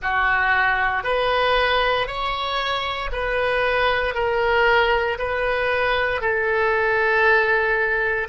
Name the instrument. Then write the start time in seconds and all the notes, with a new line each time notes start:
oboe
0.02 F#4
1.03 B4
2.07 C#5
3.11 B4
4.14 A#4
5.18 B4
6.21 A4